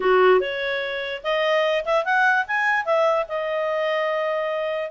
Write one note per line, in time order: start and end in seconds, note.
0.00 0.40 F#4
0.40 1.22 C#5
1.23 1.84 D#5
1.85 2.04 E5
2.04 2.45 F#5
2.47 2.85 G#5
2.85 3.26 E5
3.28 4.90 D#5